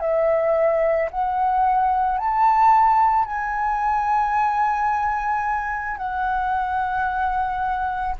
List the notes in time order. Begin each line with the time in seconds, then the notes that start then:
0.00 E5
1.11 F#5
2.18 A5
3.25 G#5
5.97 F#5